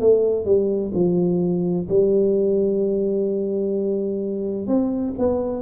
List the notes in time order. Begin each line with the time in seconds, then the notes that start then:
0.00 A3
0.45 G3
0.94 F3
1.89 G3
4.67 C4
5.18 B3